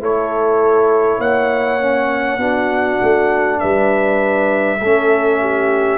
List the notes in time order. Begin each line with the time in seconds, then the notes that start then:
0.00 A3 E4 A4 C#5
1.19 A#3 C#5 F#5
1.79 C#4
2.38 B3 D4 F#4
3.02 A3
3.60 G3 B4 E5
4.79 A3 C#4 A4
5.41 G4